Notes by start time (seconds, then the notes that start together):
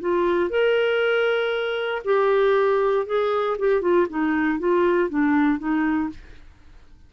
0.00 F4
0.50 A#4
2.05 G4
3.06 G#4
3.59 G4
3.81 F4
4.09 D#4
4.59 F4
5.09 D4
5.58 D#4